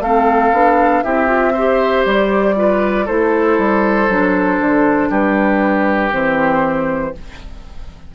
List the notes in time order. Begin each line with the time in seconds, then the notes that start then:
0.00 A3 C4 A4 F5
0.53 B3 D4
1.03 C4 E4 G4 E5
1.27 F4
1.53 G4 C5
2.06 G3 D5
2.56 F4 B4
3.06 A3 E4 A4 C5
3.58 G3
4.09 F#3 D4
4.60 D3
5.10 G3 G4 B4
6.11 E3 C4 C5